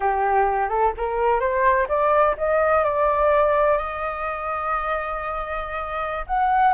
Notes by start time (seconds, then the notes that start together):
0.00 G4
0.69 A4
0.97 A#4
1.40 C5
1.88 D5
2.37 D#5
2.84 D5
3.77 D#5
6.27 F#5